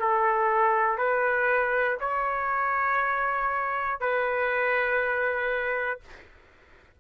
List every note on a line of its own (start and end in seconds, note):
0.00 0.97 A4
0.97 1.97 B4
2.00 4.00 C#5
4.00 6.00 B4